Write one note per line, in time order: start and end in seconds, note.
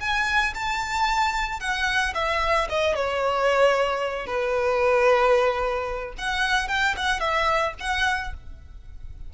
0.00 0.54 G#5
0.54 1.60 A5
1.60 2.14 F#5
2.15 2.68 E5
2.69 2.95 D#5
2.95 4.26 C#5
4.26 6.14 B4
6.18 6.68 F#5
6.68 6.95 G5
6.97 7.20 F#5
7.20 7.74 E5
7.80 8.34 F#5